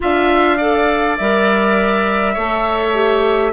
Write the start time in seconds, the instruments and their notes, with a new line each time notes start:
0.00 bassoon D4, clarinet F4, oboe E5, flute F5
0.57 clarinet A4, oboe D5
1.17 bassoon G3, clarinet A#4, flute E5
2.34 bassoon A3, clarinet A4, oboe C#5
2.94 clarinet G4